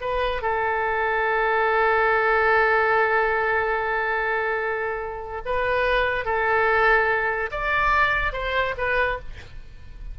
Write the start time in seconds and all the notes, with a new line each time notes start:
0.00 B4
0.41 A4
5.45 B4
6.25 A4
7.51 D5
8.32 C5
8.77 B4